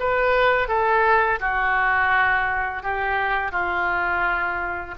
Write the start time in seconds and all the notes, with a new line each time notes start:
0.00 B4
0.68 A4
1.41 F#4
2.83 G4
3.52 F4